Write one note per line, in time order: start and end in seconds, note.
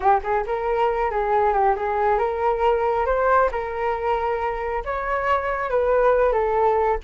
0.00 0.21 G4
0.23 0.45 G#4
0.46 1.10 A#4
1.10 1.53 G#4
1.53 1.75 G4
1.76 2.18 G#4
2.18 3.06 A#4
3.06 3.49 C5
3.51 4.83 A#4
4.85 5.70 C#5
5.70 6.32 B4
6.32 6.98 A4